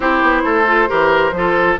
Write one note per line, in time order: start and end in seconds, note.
0.00 0.21 C4
0.00 0.65 E4
0.00 0.42 G4
0.00 1.77 C5
0.21 0.44 B3
0.44 0.89 A3
0.44 0.89 A4
0.66 0.87 F4
0.87 1.31 E3
0.87 1.32 G4
0.87 1.33 A#4
1.31 1.76 F3
1.31 1.78 F4
1.37 1.80 A4